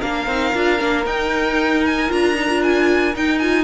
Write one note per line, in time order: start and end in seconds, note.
0.00 0.27 A#3
0.00 0.28 D4
0.00 3.64 A#4
0.00 1.06 F5
0.27 0.53 C4
0.27 0.55 D#4
0.55 0.81 D4
0.55 0.79 F4
0.79 1.06 A#3
0.79 1.06 D4
1.06 2.10 D#4
1.06 2.09 D#4
1.06 1.85 G5
1.86 2.12 G#5
2.09 3.16 D4
2.09 2.35 F4
2.09 2.63 A#5
2.35 2.48 D#4
2.49 3.14 F4
2.63 3.15 G#5
3.14 3.41 D#4
3.14 3.64 D#4
3.14 3.39 G5
3.39 3.64 F4
3.39 3.64 G#5